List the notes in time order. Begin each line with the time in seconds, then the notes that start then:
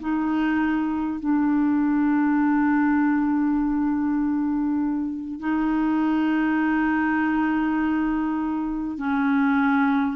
0.00 D#4
1.20 D4
5.39 D#4
8.98 C#4